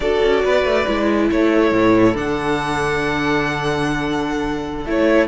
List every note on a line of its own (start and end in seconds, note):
0.00 0.18 D4
0.00 0.87 F#4
0.00 0.44 A4
0.00 1.29 D5
0.22 0.44 C#4
0.44 0.64 B3
0.44 1.30 B4
0.64 0.85 A3
0.87 1.30 G#3
0.87 2.15 E4
1.30 1.72 A3
1.30 5.27 A4
1.30 2.17 C#5
1.72 2.15 A2
2.15 4.85 D3
2.15 4.84 D4
2.15 4.86 F#5
4.85 5.27 A3
4.85 5.27 E4
4.85 5.27 C#5